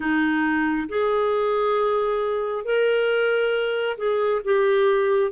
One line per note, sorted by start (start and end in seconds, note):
0.00 0.87 D#4
0.88 2.64 G#4
2.64 3.97 A#4
3.97 4.41 G#4
4.44 5.31 G4